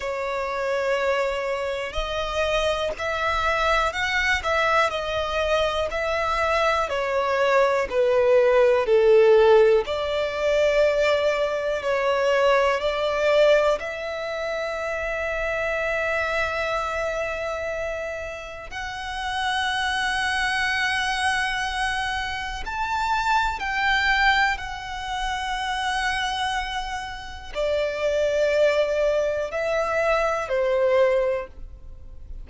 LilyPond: \new Staff \with { instrumentName = "violin" } { \time 4/4 \tempo 4 = 61 cis''2 dis''4 e''4 | fis''8 e''8 dis''4 e''4 cis''4 | b'4 a'4 d''2 | cis''4 d''4 e''2~ |
e''2. fis''4~ | fis''2. a''4 | g''4 fis''2. | d''2 e''4 c''4 | }